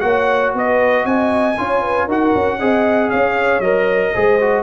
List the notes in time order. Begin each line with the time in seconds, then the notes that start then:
0.00 A#3 F#4 C#5 F#5
0.55 B3 B4 D#5
1.05 C4 D#5 G#5
1.58 C#4 F4 C#5
1.82 B4
2.06 D#4 F#4 A#4 F#5
2.35 C#4
2.58 C4 G#4 D#5
3.10 C#4 C#5 F5
3.60 F#3 A#4 D#5
4.13 G#3 G#4 C5
4.41 F#4